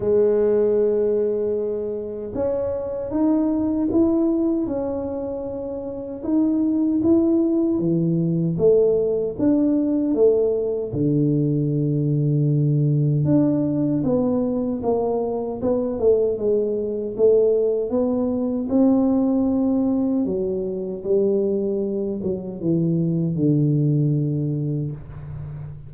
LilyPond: \new Staff \with { instrumentName = "tuba" } { \time 4/4 \tempo 4 = 77 gis2. cis'4 | dis'4 e'4 cis'2 | dis'4 e'4 e4 a4 | d'4 a4 d2~ |
d4 d'4 b4 ais4 | b8 a8 gis4 a4 b4 | c'2 fis4 g4~ | g8 fis8 e4 d2 | }